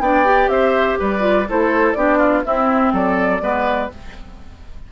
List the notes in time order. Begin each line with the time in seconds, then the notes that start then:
0.00 B3 D4 D5 G5
0.24 G4
0.48 C4 C5 E5
0.99 G3 B4 D5
1.20 F4
1.49 A3 E4 A4 C5
1.93 B3 D4 G4 D5
2.18 F4
2.44 C4 E4 E5
2.93 F#3 A4 D5
3.41 G#3 B3 B4